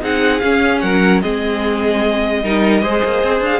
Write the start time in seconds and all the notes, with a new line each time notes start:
0.00 C4 D#4 G#4 F#5
0.39 C#4 F5
0.80 F#3 A#4 F#5
1.21 G#3 C4 G#4 D#5
2.43 G3 D#4 A#4
2.81 G#3 G#4 C5
3.03 A#3
3.22 C4
3.40 D4 F5